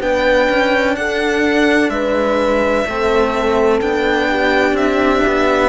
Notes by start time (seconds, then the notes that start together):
0.00 B3 D4 B4 G5
0.49 C#4
0.95 D4 A4 F#5
1.89 G#3 B4 E5
2.85 A3 C4 A4
3.81 B3 D4 G5
4.30 G4
4.73 C4 E5
5.26 B3